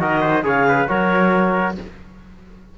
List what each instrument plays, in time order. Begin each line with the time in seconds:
0.00 cello D#3, trombone F#4, trumpet A#4, clarinet D#5
0.21 trumpet C5
0.43 cello C#3, trombone G#4, trumpet C#5, clarinet F5
0.68 trumpet B4
0.88 cello F#3, trombone F#4, trumpet A#4, clarinet C#5